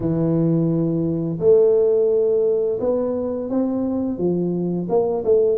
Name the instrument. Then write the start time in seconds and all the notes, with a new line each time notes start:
tuba
0.00 E3
1.39 A3
2.80 B3
3.49 C4
4.18 F3
4.89 A#3
5.24 A3